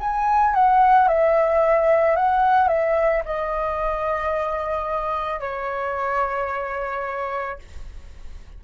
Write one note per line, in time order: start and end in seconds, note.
0.00 0.54 G#5
0.54 1.08 F#5
1.08 2.16 E5
2.16 2.68 F#5
2.68 3.22 E5
3.25 5.40 D#5
5.40 7.58 C#5